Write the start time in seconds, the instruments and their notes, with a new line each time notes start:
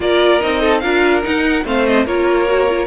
0.00 cello A#3, viola F4, violin A#4 D5
0.41 cello C4, viola D#4, violin D#5
0.60 violin A4
0.79 cello D4, viola F4, violin A#4 F5
1.22 viola D#4, cello D#4, violin F#5
1.64 cello A3, viola C4, violin C5 F5
1.85 violin D#5
2.04 cello A#3, viola F4, violin A#4 C#5
2.46 viola F#4
2.69 viola F4